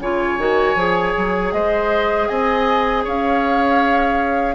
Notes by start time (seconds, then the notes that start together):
0.00 C#3 F4 C#5 G#5
0.38 D#3 F#4
0.75 F3 G#4
1.17 F#3
1.52 G#3 C5 D#5
2.28 C4 D#5 G#5
3.04 C#4 C#5 F5